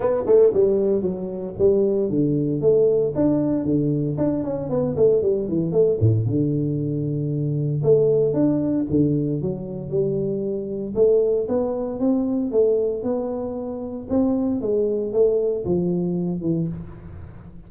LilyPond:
\new Staff \with { instrumentName = "tuba" } { \time 4/4 \tempo 4 = 115 b8 a8 g4 fis4 g4 | d4 a4 d'4 d4 | d'8 cis'8 b8 a8 g8 e8 a8 a,8 | d2. a4 |
d'4 d4 fis4 g4~ | g4 a4 b4 c'4 | a4 b2 c'4 | gis4 a4 f4. e8 | }